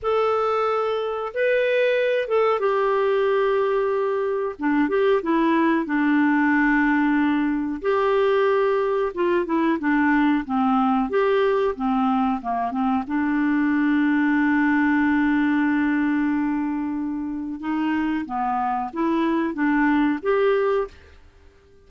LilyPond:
\new Staff \with { instrumentName = "clarinet" } { \time 4/4 \tempo 4 = 92 a'2 b'4. a'8 | g'2. d'8 g'8 | e'4 d'2. | g'2 f'8 e'8 d'4 |
c'4 g'4 c'4 ais8 c'8 | d'1~ | d'2. dis'4 | b4 e'4 d'4 g'4 | }